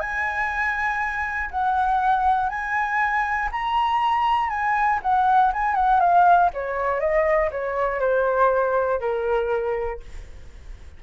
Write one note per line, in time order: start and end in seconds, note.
0.00 1.50 G#5
1.51 2.49 F#5
2.49 3.49 G#5
3.51 4.49 A#5
4.49 4.99 G#5
5.02 5.52 F#5
5.53 5.75 G#5
5.75 6.00 F#5
6.00 6.50 F5
6.53 7.00 C#5
7.00 7.50 D#5
7.51 8.00 C#5
8.00 9.00 C5
9.00 10.00 A#4